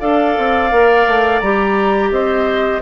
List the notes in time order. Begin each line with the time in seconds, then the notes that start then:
0.00 D4 A4 D5 F5
0.37 C4
0.72 A#3 A#4
1.07 A3
1.40 G3 G4 A#5
2.11 C4 C5 D#5